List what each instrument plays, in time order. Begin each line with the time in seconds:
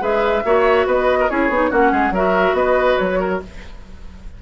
0.00 bassoon G#3, clarinet G#4, oboe B4, flute E5
0.44 bassoon A#3, clarinet F#4, oboe C#5
0.86 bassoon B3, oboe B4, flute D#5
1.20 oboe A#4
1.29 bassoon C#4, clarinet E4, oboe G#4, flute C#5
1.49 bassoon B3, clarinet D#4
1.70 bassoon A#3, clarinet C#4, oboe F#4, flute F#5
1.91 bassoon G#3, oboe G#4
2.10 bassoon F#3, clarinet F#4, oboe A#4, flute E5
2.53 bassoon B3, oboe B4, flute D#5
2.97 bassoon F#3, flute C#5
3.19 oboe A#4